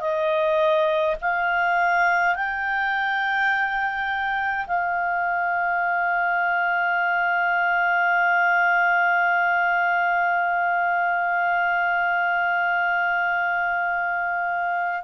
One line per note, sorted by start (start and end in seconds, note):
0.00 1.15 D#5
1.21 2.34 F5
2.34 4.65 G5
4.66 15.04 F5